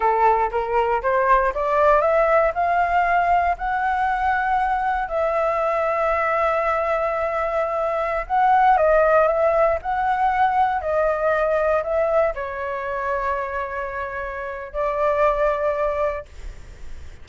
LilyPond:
\new Staff \with { instrumentName = "flute" } { \time 4/4 \tempo 4 = 118 a'4 ais'4 c''4 d''4 | e''4 f''2 fis''4~ | fis''2 e''2~ | e''1~ |
e''16 fis''4 dis''4 e''4 fis''8.~ | fis''4~ fis''16 dis''2 e''8.~ | e''16 cis''2.~ cis''8.~ | cis''4 d''2. | }